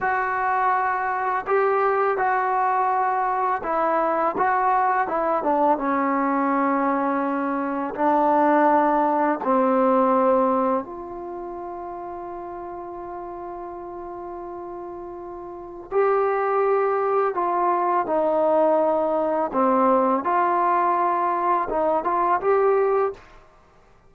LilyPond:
\new Staff \with { instrumentName = "trombone" } { \time 4/4 \tempo 4 = 83 fis'2 g'4 fis'4~ | fis'4 e'4 fis'4 e'8 d'8 | cis'2. d'4~ | d'4 c'2 f'4~ |
f'1~ | f'2 g'2 | f'4 dis'2 c'4 | f'2 dis'8 f'8 g'4 | }